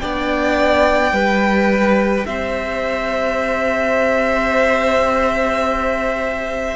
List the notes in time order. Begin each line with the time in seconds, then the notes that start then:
0.00 B3 D4 D5 G5
1.12 G3 G4 B4
2.26 C4 C5 E5